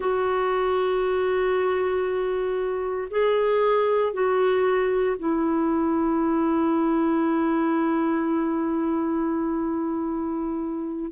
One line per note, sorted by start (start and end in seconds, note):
0.00 3.08 F#4
3.10 4.13 G#4
4.13 5.16 F#4
5.18 11.11 E4